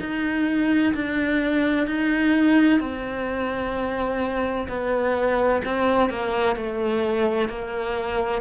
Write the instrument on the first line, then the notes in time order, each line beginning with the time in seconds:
cello
0.00 D#4
0.94 D4
1.87 D#4
2.80 C4
4.69 B3
5.65 C4
6.10 A#3
6.56 A3
7.49 A#3